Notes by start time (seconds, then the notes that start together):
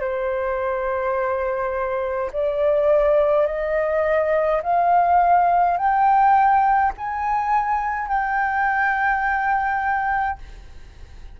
0.00 C5
2.32 D5
3.46 D#5
4.63 F5
5.77 G5
6.97 G#5
8.08 G5